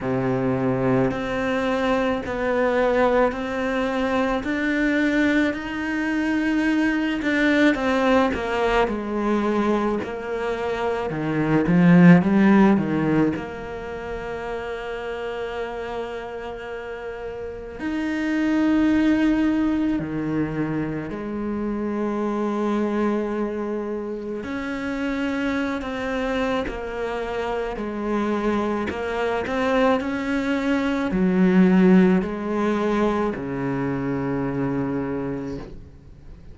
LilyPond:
\new Staff \with { instrumentName = "cello" } { \time 4/4 \tempo 4 = 54 c4 c'4 b4 c'4 | d'4 dis'4. d'8 c'8 ais8 | gis4 ais4 dis8 f8 g8 dis8 | ais1 |
dis'2 dis4 gis4~ | gis2 cis'4~ cis'16 c'8. | ais4 gis4 ais8 c'8 cis'4 | fis4 gis4 cis2 | }